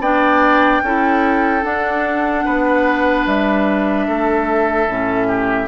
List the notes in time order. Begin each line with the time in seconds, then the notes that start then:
0.00 B3 D4 D5 G5
0.83 C#4 E4 A4
1.62 D4 F#5
2.45 B3 B4
3.27 G3 E5
4.08 A3 A4
4.88 A2 C#4
5.28 G4